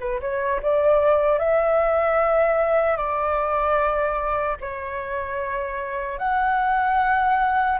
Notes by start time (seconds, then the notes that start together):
0.00 B4
0.20 C#5
0.62 D5
1.39 E5
2.97 D5
4.61 C#5
6.18 F#5